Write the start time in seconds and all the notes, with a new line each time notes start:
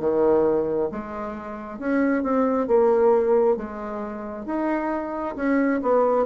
0.00 D#3
0.92 G#3
1.79 C#4
2.23 C4
2.68 A#3
3.57 G#3
4.46 D#4
5.36 C#4
5.82 B3